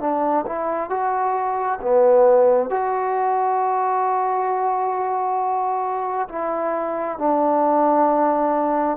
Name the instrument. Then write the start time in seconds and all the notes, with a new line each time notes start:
trombone
0.00 D4
0.46 E4
0.90 F#4
1.81 B3
2.70 F#4
6.29 E4
7.18 D4